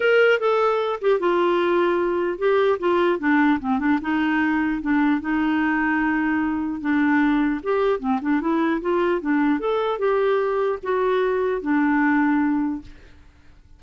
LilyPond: \new Staff \with { instrumentName = "clarinet" } { \time 4/4 \tempo 4 = 150 ais'4 a'4. g'8 f'4~ | f'2 g'4 f'4 | d'4 c'8 d'8 dis'2 | d'4 dis'2.~ |
dis'4 d'2 g'4 | c'8 d'8 e'4 f'4 d'4 | a'4 g'2 fis'4~ | fis'4 d'2. | }